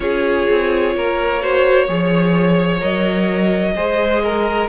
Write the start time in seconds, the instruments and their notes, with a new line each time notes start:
0.00 cello C#4, viola F4, violin G#4 C#5
0.50 cello C4
0.95 cello A#3, violin A#4
1.41 viola F#4, violin C5
1.84 cello F3, viola G#4, violin C#5
2.79 cello F#3, viola A#4, violin D#5
3.75 cello G#3, viola G#4, violin C5
4.23 violin A#4